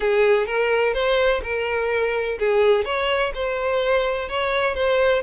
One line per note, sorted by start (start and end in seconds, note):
0.00 0.46 G#4
0.46 0.93 A#4
0.93 1.41 C5
1.43 2.38 A#4
2.39 2.84 G#4
2.84 3.32 C#5
3.34 4.29 C5
4.29 4.74 C#5
4.74 5.22 C5